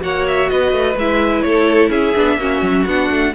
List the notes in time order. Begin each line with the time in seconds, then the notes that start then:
0.00 A#3 F#4 C#5 F#5
0.27 E5
0.49 B3 B4 D#5
0.72 A3
0.96 G#3 E4 E5
1.42 A3 A4 C#5
1.89 C#4 G#4 E5
2.15 B3 D4
2.37 A#3 C#4 F#4
2.61 F#3
2.86 B3 D4 F#5
3.10 A3